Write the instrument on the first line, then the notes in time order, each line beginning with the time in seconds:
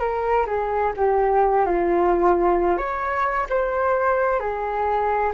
flute
0.00 A#4
0.47 G#4
0.97 G4
1.66 F4
2.78 C#5
3.50 C5
4.40 G#4